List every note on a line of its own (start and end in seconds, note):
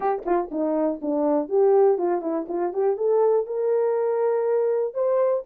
0.00 0.22 G4
0.25 0.50 F4
0.51 1.01 D#4
1.01 1.49 D4
1.49 1.97 G4
1.97 2.21 F4
2.21 2.46 E4
2.48 2.73 F4
2.73 2.96 G4
2.96 3.46 A4
3.46 4.93 A#4
4.93 5.43 C5